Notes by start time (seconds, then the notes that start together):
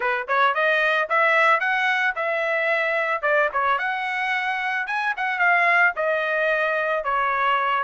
0.00 B4
0.27 C#5
0.54 D#5
1.09 E5
1.60 F#5
2.15 E5
3.22 D5
3.52 C#5
3.78 F#5
4.86 G#5
5.16 F#5
5.38 F5
5.96 D#5
7.03 C#5